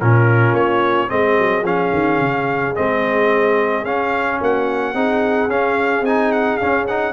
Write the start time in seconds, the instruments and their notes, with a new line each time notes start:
0.00 tuba A#2, trombone C#4, horn F4, trumpet A#4
0.52 tuba A#3, trumpet C#5
1.08 tuba G#3, trombone C4, horn G#4, trumpet D#5
1.38 tuba F#3
1.62 tuba F3, trombone C#4, trumpet F5
1.93 tuba D#3
2.19 tuba C#3
2.75 tuba G#3, trombone C4, trumpet D#5
3.83 tuba C#4, trombone C#4, trumpet F5
4.40 tuba A#3, horn F#4, trumpet F#5
4.93 tuba C4, trombone D#4, horn G#4
5.47 tuba C#4, trombone C#4, trumpet F5
6.01 tuba C4, trombone D#4, trumpet G#5
6.32 trumpet F#5
6.57 trombone C#4, tuba C#4, trumpet F5
6.87 trombone D#4, trumpet F#5